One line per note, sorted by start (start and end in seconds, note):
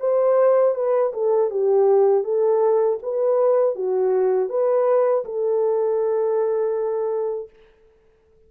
0.00 0.75 C5
0.75 1.12 B4
1.13 1.50 A4
1.50 2.24 G4
2.24 2.99 A4
3.02 3.75 B4
3.75 4.49 F#4
4.49 5.24 B4
5.25 7.50 A4